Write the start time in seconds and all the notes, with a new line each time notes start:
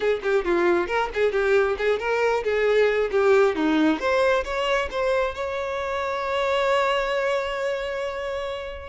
0.00 G#4
0.23 G4
0.44 F4
0.87 A#4
1.14 G#4
1.32 G4
1.78 G#4
1.99 A#4
2.43 G#4
3.11 G4
3.55 D#4
3.99 C5
4.44 C#5
4.91 C5
5.35 C#5